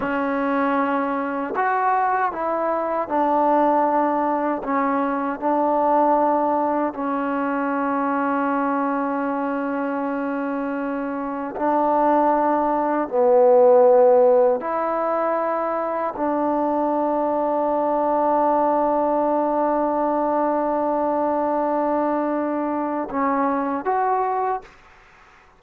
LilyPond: \new Staff \with { instrumentName = "trombone" } { \time 4/4 \tempo 4 = 78 cis'2 fis'4 e'4 | d'2 cis'4 d'4~ | d'4 cis'2.~ | cis'2. d'4~ |
d'4 b2 e'4~ | e'4 d'2.~ | d'1~ | d'2 cis'4 fis'4 | }